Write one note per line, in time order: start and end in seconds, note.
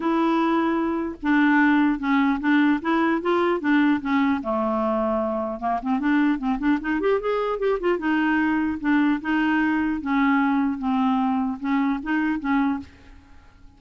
0.00 1.16 E4
1.22 1.99 D4
1.99 2.39 C#4
2.39 2.79 D4
2.81 3.21 E4
3.21 3.60 F4
3.60 4.00 D4
4.01 4.41 C#4
4.43 5.59 A3
5.59 5.79 A#3
5.82 5.99 C4
5.99 6.38 D4
6.38 6.58 C4
6.59 6.79 D4
6.81 7.00 D#4
7.00 7.20 G4
7.20 7.58 G#4
7.58 7.78 G4
7.79 7.98 F4
7.98 8.78 D#4
8.80 9.20 D4
9.21 10.01 D#4
10.01 10.78 C#4
10.78 11.58 C4
11.59 11.99 C#4
12.03 12.39 D#4
12.39 12.79 C#4